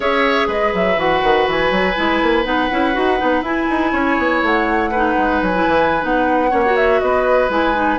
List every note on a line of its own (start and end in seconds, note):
0.00 0.47 C#4
0.00 0.96 G#4
0.00 0.47 C#5
0.00 0.49 E5
0.47 0.72 G#3
0.47 3.91 B4
0.47 0.74 D#5
0.73 0.96 F#3
0.73 0.99 E5
0.96 1.21 E3
0.96 1.94 F#4
0.96 1.48 F#5
1.23 1.47 D#3
1.47 1.70 E3
1.47 2.44 G#5
1.70 1.95 F#3
1.95 2.22 G#3
1.95 2.44 E4
2.22 2.44 A#3
2.44 2.69 B3
2.44 2.69 D#4
2.44 3.42 F#5
2.70 2.96 C#4
2.70 2.93 E4
2.93 3.20 D#4
2.93 3.18 F#4
3.18 3.41 B3
3.18 3.43 D#4
3.41 3.66 E4
3.41 4.92 E4
3.41 4.42 G#5
3.70 3.93 D#4
3.92 4.17 C#4
3.92 4.90 C#5
4.18 4.42 B3
4.42 5.16 A3
4.42 5.42 F#5
4.90 5.53 D#4
4.90 6.50 B4
5.17 5.41 G#3
5.42 5.66 F#3
5.42 6.03 G#5
5.53 6.00 E4
5.67 6.03 E3
6.00 6.52 B3
6.00 6.49 D#4
6.00 6.76 F#5
6.50 7.01 A#3
6.50 6.63 C#4
6.50 6.99 C#5
6.65 7.49 F#4
6.76 7.00 E5
7.00 7.49 B3
7.00 7.98 B4
7.00 7.49 D#5
7.49 7.98 G#3
7.49 7.74 E4
7.49 7.98 G#5
7.74 7.98 D#4